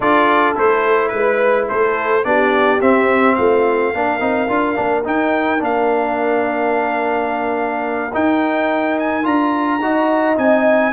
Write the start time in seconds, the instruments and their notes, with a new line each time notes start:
0.00 tuba D4, trombone F4, horn A4, trumpet D5
0.55 tuba A3, trombone E4, trumpet C5
1.08 tuba G#3, trumpet B4, horn B4
1.69 tuba A3, horn A4, trumpet C5
2.24 tuba B3, trombone D4, horn G4, trumpet D5
2.80 tuba C4, trombone C4, trumpet E5
3.35 tuba A3, horn F4, trumpet F5
3.93 tuba A#3, trombone D4, horn A#4
4.20 tuba C4, trombone D#4
4.48 tuba D4, trombone F4
4.75 tuba A#3, trombone D4
5.04 trombone D#4, tuba D#4, trumpet G5
5.59 tuba A#3, trombone D4, trumpet F5
8.13 trombone D#4, tuba D#4, trumpet G5
8.99 trumpet G#5
9.23 tuba D4, trombone F4, trumpet A#5
9.80 tuba D#4, trombone F#4, horn D#5
10.36 tuba C4, trombone D#4, trumpet G#5